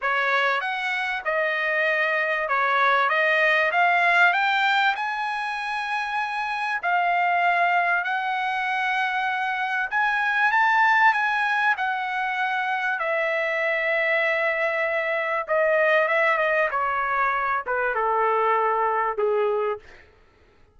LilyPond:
\new Staff \with { instrumentName = "trumpet" } { \time 4/4 \tempo 4 = 97 cis''4 fis''4 dis''2 | cis''4 dis''4 f''4 g''4 | gis''2. f''4~ | f''4 fis''2. |
gis''4 a''4 gis''4 fis''4~ | fis''4 e''2.~ | e''4 dis''4 e''8 dis''8 cis''4~ | cis''8 b'8 a'2 gis'4 | }